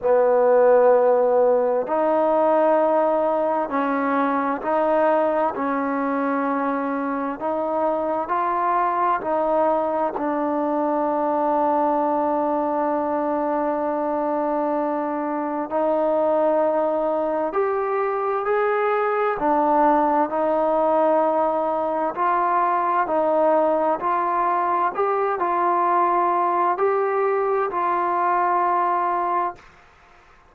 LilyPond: \new Staff \with { instrumentName = "trombone" } { \time 4/4 \tempo 4 = 65 b2 dis'2 | cis'4 dis'4 cis'2 | dis'4 f'4 dis'4 d'4~ | d'1~ |
d'4 dis'2 g'4 | gis'4 d'4 dis'2 | f'4 dis'4 f'4 g'8 f'8~ | f'4 g'4 f'2 | }